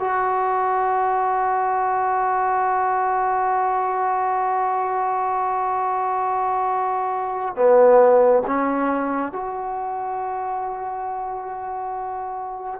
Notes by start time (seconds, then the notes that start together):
0.00 F#4
7.56 B3
8.47 C#4
9.32 F#4